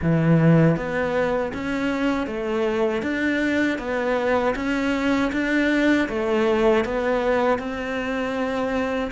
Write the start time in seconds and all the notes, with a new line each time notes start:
0.02 E3
0.76 B3
1.53 C#4
2.26 A3
3.02 D4
3.78 B3
4.55 C#4
5.32 D4
6.08 A3
6.85 B3
7.58 C4